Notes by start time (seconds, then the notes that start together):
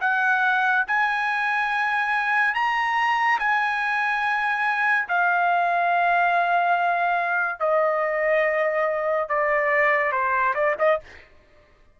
0.00 F#5
0.87 G#5
2.54 A#5
3.39 G#5
5.08 F5
7.59 D#5
9.28 D5
10.11 C5
10.54 D5
10.78 D#5